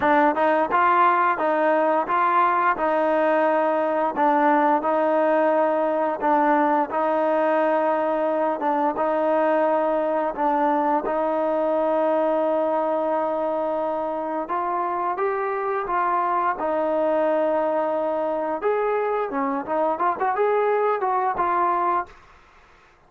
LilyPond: \new Staff \with { instrumentName = "trombone" } { \time 4/4 \tempo 4 = 87 d'8 dis'8 f'4 dis'4 f'4 | dis'2 d'4 dis'4~ | dis'4 d'4 dis'2~ | dis'8 d'8 dis'2 d'4 |
dis'1~ | dis'4 f'4 g'4 f'4 | dis'2. gis'4 | cis'8 dis'8 f'16 fis'16 gis'4 fis'8 f'4 | }